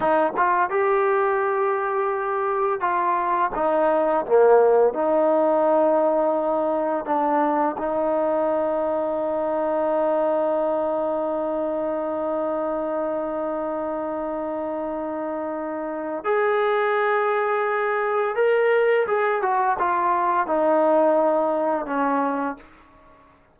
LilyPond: \new Staff \with { instrumentName = "trombone" } { \time 4/4 \tempo 4 = 85 dis'8 f'8 g'2. | f'4 dis'4 ais4 dis'4~ | dis'2 d'4 dis'4~ | dis'1~ |
dis'1~ | dis'2. gis'4~ | gis'2 ais'4 gis'8 fis'8 | f'4 dis'2 cis'4 | }